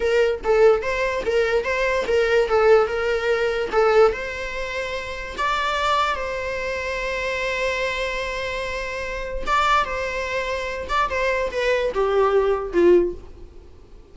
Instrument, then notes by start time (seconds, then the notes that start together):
viola
0.00 A#4
0.44 A4
0.82 C5
1.25 A#4
1.63 C5
2.07 A#4
2.48 A4
2.87 A#4
3.71 A4
4.12 C5
5.37 D5
6.15 C5
9.46 D5
9.84 C5
10.88 D5
11.09 C5
11.51 B4
11.94 G4
12.72 F4